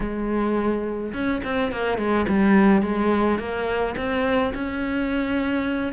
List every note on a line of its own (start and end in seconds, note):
0.00 1.12 G#3
1.13 1.41 C#4
1.44 1.72 C4
1.72 1.97 A#3
1.97 2.26 G#3
2.28 2.82 G3
2.82 3.38 G#3
3.38 3.95 A#3
3.96 4.53 C4
4.54 5.93 C#4